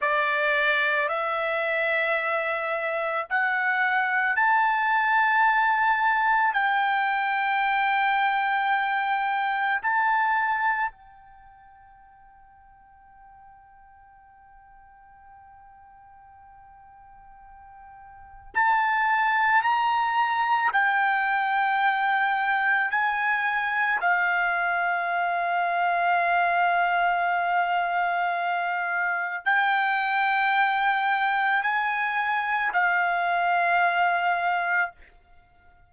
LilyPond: \new Staff \with { instrumentName = "trumpet" } { \time 4/4 \tempo 4 = 55 d''4 e''2 fis''4 | a''2 g''2~ | g''4 a''4 g''2~ | g''1~ |
g''4 a''4 ais''4 g''4~ | g''4 gis''4 f''2~ | f''2. g''4~ | g''4 gis''4 f''2 | }